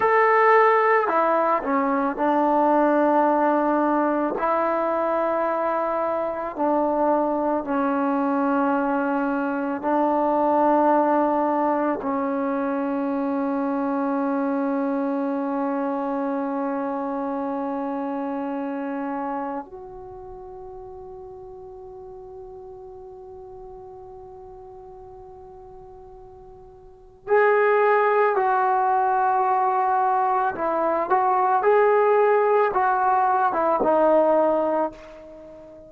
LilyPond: \new Staff \with { instrumentName = "trombone" } { \time 4/4 \tempo 4 = 55 a'4 e'8 cis'8 d'2 | e'2 d'4 cis'4~ | cis'4 d'2 cis'4~ | cis'1~ |
cis'2 fis'2~ | fis'1~ | fis'4 gis'4 fis'2 | e'8 fis'8 gis'4 fis'8. e'16 dis'4 | }